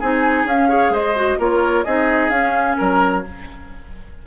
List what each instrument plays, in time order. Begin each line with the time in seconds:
0.00 bassoon C4, clarinet D#4, oboe G#4, flute G#5
0.45 bassoon C#4, clarinet C#4, flute F5
0.69 clarinet G#4, oboe C#5
0.90 bassoon G#3, oboe C5, flute D#5
1.16 clarinet F#4
1.39 bassoon A#3, clarinet F4, oboe A#4, flute C#5
1.84 bassoon C4, clarinet D#4, oboe G#4, flute D#5
2.30 bassoon C#4, clarinet C#4, flute F5
2.78 bassoon F#3, oboe A#4, flute A#5